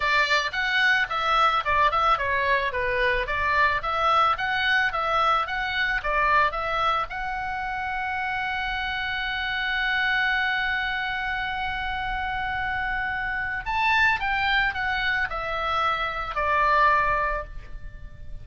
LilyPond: \new Staff \with { instrumentName = "oboe" } { \time 4/4 \tempo 4 = 110 d''4 fis''4 e''4 d''8 e''8 | cis''4 b'4 d''4 e''4 | fis''4 e''4 fis''4 d''4 | e''4 fis''2.~ |
fis''1~ | fis''1~ | fis''4 a''4 g''4 fis''4 | e''2 d''2 | }